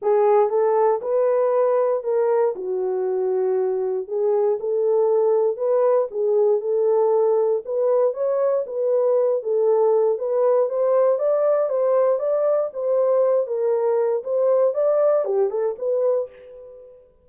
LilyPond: \new Staff \with { instrumentName = "horn" } { \time 4/4 \tempo 4 = 118 gis'4 a'4 b'2 | ais'4 fis'2. | gis'4 a'2 b'4 | gis'4 a'2 b'4 |
cis''4 b'4. a'4. | b'4 c''4 d''4 c''4 | d''4 c''4. ais'4. | c''4 d''4 g'8 a'8 b'4 | }